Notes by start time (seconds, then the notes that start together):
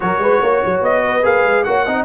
0.00 F#3 F#4 A#4 C#5
0.18 G#3 B4
0.42 A#3 C#5
0.65 F#3
0.81 B3 D#5
1.04 B4
1.22 A#3 G#4 F5
1.44 G#3
1.63 A#3 F#4 C#5 F#5
1.85 C4 D#4 D#5